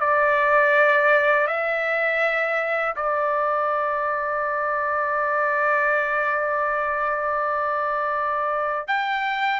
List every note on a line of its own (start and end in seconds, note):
0.00 1.47 D5
1.47 2.95 E5
2.96 8.88 D5
8.88 9.60 G5